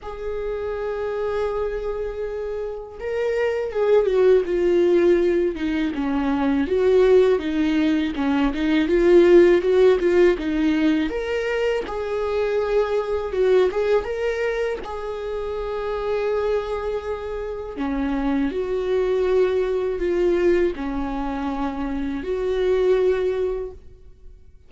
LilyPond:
\new Staff \with { instrumentName = "viola" } { \time 4/4 \tempo 4 = 81 gis'1 | ais'4 gis'8 fis'8 f'4. dis'8 | cis'4 fis'4 dis'4 cis'8 dis'8 | f'4 fis'8 f'8 dis'4 ais'4 |
gis'2 fis'8 gis'8 ais'4 | gis'1 | cis'4 fis'2 f'4 | cis'2 fis'2 | }